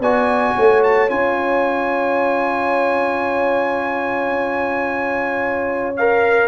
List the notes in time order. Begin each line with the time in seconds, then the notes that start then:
0.00 B3 F#4 D5 G#5
0.56 A3 C#5
0.83 A5
1.09 C#4 F4 G#5
5.97 A#4 F5